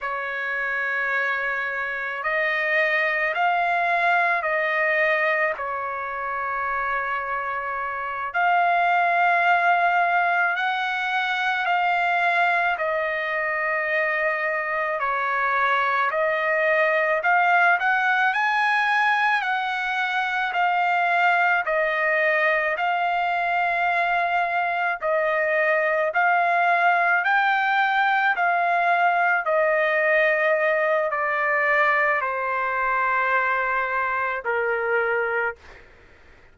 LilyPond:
\new Staff \with { instrumentName = "trumpet" } { \time 4/4 \tempo 4 = 54 cis''2 dis''4 f''4 | dis''4 cis''2~ cis''8 f''8~ | f''4. fis''4 f''4 dis''8~ | dis''4. cis''4 dis''4 f''8 |
fis''8 gis''4 fis''4 f''4 dis''8~ | dis''8 f''2 dis''4 f''8~ | f''8 g''4 f''4 dis''4. | d''4 c''2 ais'4 | }